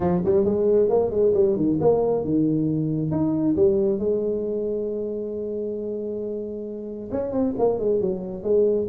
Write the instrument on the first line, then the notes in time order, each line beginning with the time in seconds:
tuba
0.00 F3
0.24 G3
0.44 G#3
0.89 A#3
1.10 G#3
1.34 G3
1.56 D#3
1.80 A#3
2.24 D#3
3.11 D#4
3.56 G3
3.98 G#3
7.11 C#4
7.32 C4
7.58 A#3
7.79 G#3
8.00 F#3
8.43 G#3